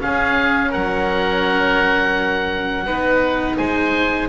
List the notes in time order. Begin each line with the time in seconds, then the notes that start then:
0.00 C#4 G#4 F5
0.71 F#3 A#4 F#5
2.86 B3 D#4 B4
3.58 G#3 C5 G#5